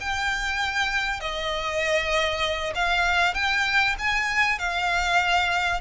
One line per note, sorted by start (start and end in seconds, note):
0.00 1.20 G5
1.20 2.73 D#5
2.75 3.34 F5
3.34 3.95 G5
3.99 4.59 G#5
4.59 5.80 F5